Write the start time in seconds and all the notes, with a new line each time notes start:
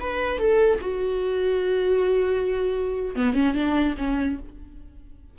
0.00 B4
0.39 A4
0.81 F#4
3.16 B3
3.34 C#4
3.54 D4
3.98 C#4